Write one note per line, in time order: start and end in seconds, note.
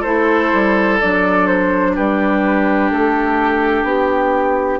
0.00 0.52 A3
0.00 1.00 E4
0.00 1.90 A4
0.00 0.98 C5
0.53 1.00 G3
1.00 1.98 F#3
1.00 4.79 D4
1.00 1.46 D5
1.46 1.94 C5
1.95 2.91 G3
1.95 4.79 G4
1.95 2.90 B4
2.90 3.83 A3
2.90 3.86 A4
3.83 4.78 B3
3.83 4.79 G4